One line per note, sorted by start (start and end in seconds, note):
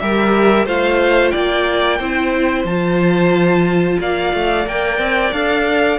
0.00 0.66 G3
0.00 0.67 G4
0.00 0.66 A#4
0.00 0.67 E5
0.66 1.33 A3
0.66 2.00 F4
0.66 1.32 C5
0.66 1.30 F5
1.30 2.00 A#3
1.30 1.99 D5
1.30 2.64 G5
1.99 2.65 C4
1.99 2.67 E4
1.99 3.99 C5
2.65 3.98 F3
2.65 4.67 F4
2.65 3.99 A5
4.00 4.34 A#3
4.00 6.00 D5
4.00 4.68 F5
4.34 4.66 A3
4.66 4.99 A#3
4.66 5.33 A#4
4.66 5.33 G5
4.99 5.32 C4
5.33 6.00 D4
5.33 6.00 A4
5.33 6.00 F5